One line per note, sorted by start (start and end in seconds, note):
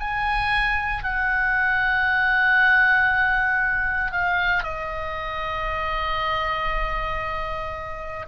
0.00 1.03 G#5
1.03 4.11 F#5
4.11 4.63 F5
4.64 8.26 D#5